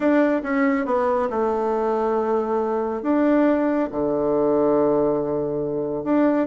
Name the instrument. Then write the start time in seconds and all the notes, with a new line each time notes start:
bassoon
0.00 D4
0.43 C#4
0.85 B3
1.30 A3
3.02 D4
3.91 D3
6.04 D4